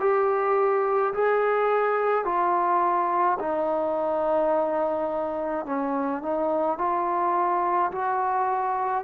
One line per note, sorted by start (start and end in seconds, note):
0.00 1.13 G4
1.13 2.24 G#4
2.24 3.38 F4
3.39 5.66 D#4
5.66 6.22 C#4
6.22 6.78 D#4
6.78 7.91 F4
7.91 9.04 F#4